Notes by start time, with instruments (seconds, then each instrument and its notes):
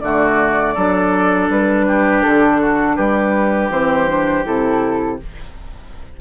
0.00 bassoon D3, clarinet A3, oboe F#4, flute D5
0.74 bassoon F#3, clarinet D4, oboe A4
1.49 bassoon G3, flute B4
1.87 oboe G4
2.22 bassoon D3, flute A4
2.61 oboe F#4
2.95 bassoon G3, oboe G4, flute B4
3.69 bassoon E3, clarinet C4, flute C5
4.07 clarinet D4
4.44 bassoon C3, clarinet E4, flute A4